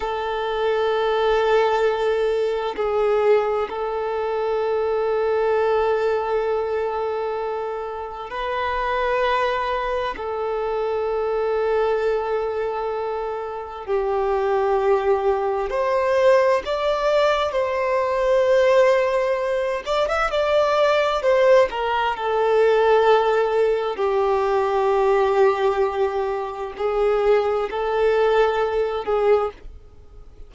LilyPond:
\new Staff \with { instrumentName = "violin" } { \time 4/4 \tempo 4 = 65 a'2. gis'4 | a'1~ | a'4 b'2 a'4~ | a'2. g'4~ |
g'4 c''4 d''4 c''4~ | c''4. d''16 e''16 d''4 c''8 ais'8 | a'2 g'2~ | g'4 gis'4 a'4. gis'8 | }